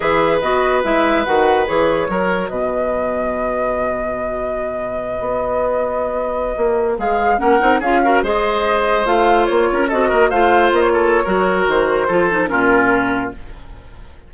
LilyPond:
<<
  \new Staff \with { instrumentName = "flute" } { \time 4/4 \tempo 4 = 144 e''4 dis''4 e''4 fis''4 | cis''2 dis''2~ | dis''1~ | dis''1~ |
dis''8. f''4 fis''4 f''4 dis''16~ | dis''4.~ dis''16 f''4 cis''4 dis''16~ | dis''8. f''4 dis''16 cis''2 | c''2 ais'2 | }
  \new Staff \with { instrumentName = "oboe" } { \time 4/4 b'1~ | b'4 ais'4 b'2~ | b'1~ | b'1~ |
b'4.~ b'16 ais'4 gis'8 ais'8 c''16~ | c''2.~ c''16 ais'8 a'16~ | a'16 ais'8 c''4. a'8. ais'4~ | ais'4 a'4 f'2 | }
  \new Staff \with { instrumentName = "clarinet" } { \time 4/4 gis'4 fis'4 e'4 fis'4 | gis'4 fis'2.~ | fis'1~ | fis'1~ |
fis'8. gis'4 cis'8 dis'8 f'8 fis'8 gis'16~ | gis'4.~ gis'16 f'2 fis'16~ | fis'8. f'2~ f'16 fis'4~ | fis'4 f'8 dis'8 cis'2 | }
  \new Staff \with { instrumentName = "bassoon" } { \time 4/4 e4 b4 gis4 dis4 | e4 fis4 b,2~ | b,1~ | b,8 b2.~ b16 ais16~ |
ais8. gis4 ais8 c'8 cis'4 gis16~ | gis4.~ gis16 a4 ais8 cis'8 c'16~ | c'16 ais8 a4 ais4~ ais16 fis4 | dis4 f4 ais,2 | }
>>